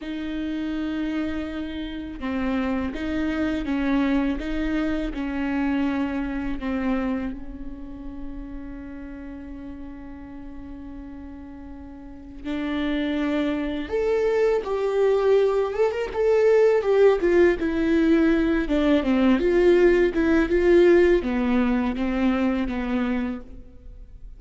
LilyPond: \new Staff \with { instrumentName = "viola" } { \time 4/4 \tempo 4 = 82 dis'2. c'4 | dis'4 cis'4 dis'4 cis'4~ | cis'4 c'4 cis'2~ | cis'1~ |
cis'4 d'2 a'4 | g'4. a'16 ais'16 a'4 g'8 f'8 | e'4. d'8 c'8 f'4 e'8 | f'4 b4 c'4 b4 | }